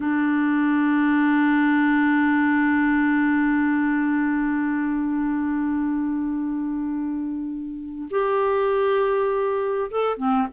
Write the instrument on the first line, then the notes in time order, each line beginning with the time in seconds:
clarinet
0.00 D4
8.10 G4
9.90 A4
10.17 C4